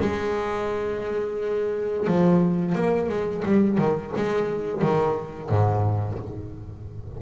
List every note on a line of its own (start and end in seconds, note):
0.00 2.07 G#3
2.07 2.75 F3
2.75 3.09 A#3
3.09 3.43 G#3
3.45 3.77 G3
3.77 4.12 D#3
4.16 4.82 G#3
4.82 5.49 D#3
5.49 6.18 G#2